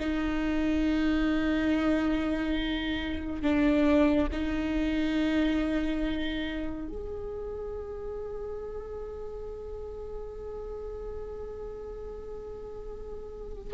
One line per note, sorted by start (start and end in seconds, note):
0.00 3.42 D#4
3.42 4.28 D4
4.32 6.89 D#4
6.89 13.74 G#4